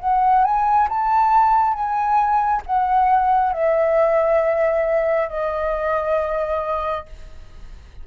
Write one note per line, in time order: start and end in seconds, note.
0.00 0.44 F#5
0.44 0.88 G#5
0.89 1.74 A5
1.74 2.62 G#5
2.66 3.53 F#5
3.53 5.29 E5
5.29 7.06 D#5